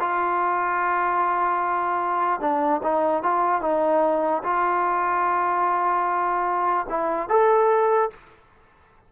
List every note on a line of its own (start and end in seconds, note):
0.00 2.41 F4
2.41 2.81 D4
2.83 3.23 D#4
3.23 3.62 F4
3.62 4.43 D#4
4.44 6.87 F4
6.90 7.29 E4
7.29 8.10 A4